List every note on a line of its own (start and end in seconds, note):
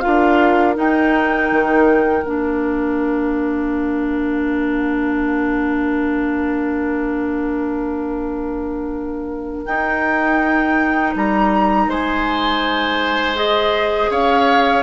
0.00 0.75 F4
0.00 11.89 A#4
0.00 0.74 F5
0.06 0.77 D4
0.75 2.23 D#4
0.75 1.51 D#4
0.75 2.26 G5
1.51 2.24 D#3
2.24 9.65 A#3
2.24 9.66 D4
2.24 9.65 F5
9.65 13.35 D#4
9.65 11.15 D#4
9.65 11.14 G5
11.15 11.87 G3
11.15 11.90 A#5
11.87 14.09 G#3
11.87 14.10 C5
11.87 13.36 G#5
13.35 14.83 G#4
13.35 14.10 D#5
14.10 14.83 C#4
14.10 14.83 C#5
14.10 14.83 F5